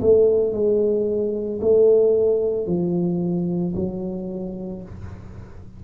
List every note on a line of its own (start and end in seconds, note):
0.00 0.52 A3
0.52 1.59 G#3
1.61 2.66 A3
2.66 3.74 F3
3.75 4.82 F#3